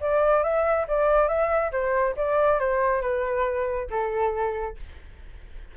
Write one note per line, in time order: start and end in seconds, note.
0.00 0.43 D5
0.43 0.87 E5
0.88 1.28 D5
1.28 1.71 E5
1.72 2.15 C5
2.16 2.59 D5
2.59 3.01 C5
3.01 3.87 B4
3.90 4.76 A4